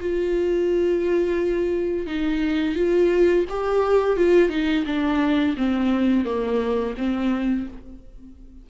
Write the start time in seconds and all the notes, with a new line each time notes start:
0.00 F4
2.06 D#4
2.75 F4
3.49 G4
4.16 F4
4.49 D#4
4.86 D4
5.57 C4
6.24 A#3
6.97 C4